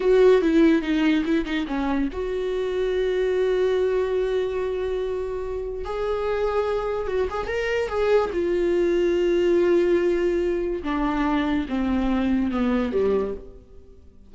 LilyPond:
\new Staff \with { instrumentName = "viola" } { \time 4/4 \tempo 4 = 144 fis'4 e'4 dis'4 e'8 dis'8 | cis'4 fis'2.~ | fis'1~ | fis'2 gis'2~ |
gis'4 fis'8 gis'8 ais'4 gis'4 | f'1~ | f'2 d'2 | c'2 b4 g4 | }